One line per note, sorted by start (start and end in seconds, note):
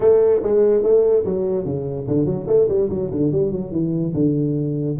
0.00 0.41 A3
0.43 0.83 G#3
0.83 1.24 A3
1.24 1.65 F#3
1.65 2.06 C#3
2.07 2.25 D3
2.25 2.46 F#3
2.47 2.68 A3
2.68 2.89 G3
2.89 3.10 F#3
3.10 3.31 D3
3.31 3.51 G3
3.51 3.71 F#3
3.71 4.13 E3
4.13 4.96 D3